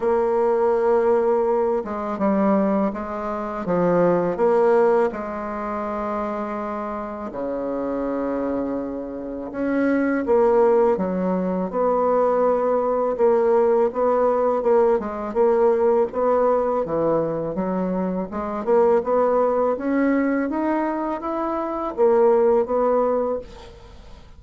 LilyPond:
\new Staff \with { instrumentName = "bassoon" } { \time 4/4 \tempo 4 = 82 ais2~ ais8 gis8 g4 | gis4 f4 ais4 gis4~ | gis2 cis2~ | cis4 cis'4 ais4 fis4 |
b2 ais4 b4 | ais8 gis8 ais4 b4 e4 | fis4 gis8 ais8 b4 cis'4 | dis'4 e'4 ais4 b4 | }